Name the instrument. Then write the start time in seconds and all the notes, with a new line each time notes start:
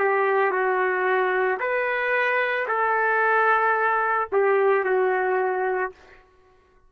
trumpet
0.00 G4
0.52 F#4
1.60 B4
2.68 A4
4.32 G4
4.85 F#4